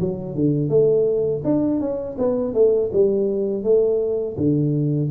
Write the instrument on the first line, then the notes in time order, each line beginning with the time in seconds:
tuba
0.00 F#3
0.35 D3
0.69 A3
1.44 D4
1.80 C#4
2.18 B3
2.54 A3
2.93 G3
3.63 A3
4.37 D3